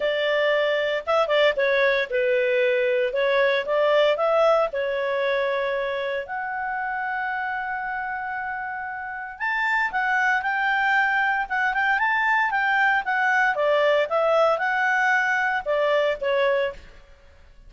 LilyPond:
\new Staff \with { instrumentName = "clarinet" } { \time 4/4 \tempo 4 = 115 d''2 e''8 d''8 cis''4 | b'2 cis''4 d''4 | e''4 cis''2. | fis''1~ |
fis''2 a''4 fis''4 | g''2 fis''8 g''8 a''4 | g''4 fis''4 d''4 e''4 | fis''2 d''4 cis''4 | }